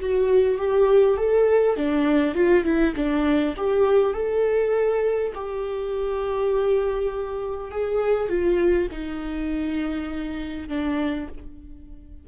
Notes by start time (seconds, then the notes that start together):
0.00 F#4
0.58 G4
1.17 A4
1.76 D4
2.35 F4
2.64 E4
2.95 D4
3.57 G4
4.13 A4
5.35 G4
7.71 G#4
8.29 F4
8.91 D#4
10.68 D4